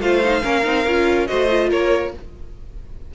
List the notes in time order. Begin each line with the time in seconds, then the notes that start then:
0.00 A3 F4 C5 F5
0.23 D#4
0.42 A#3 C#4 A#4
0.63 C4 D#4
0.86 C#4 F4
1.27 A3 F#4 C5 D#5
1.49 F4
1.69 A#3 A#4 C#5